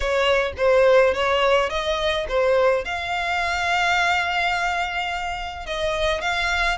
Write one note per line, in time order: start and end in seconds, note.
0.00 0.52 C#5
0.57 1.13 C5
1.13 1.69 C#5
1.69 2.26 D#5
2.28 2.85 C5
2.85 5.66 F5
5.66 6.21 D#5
6.21 6.77 F5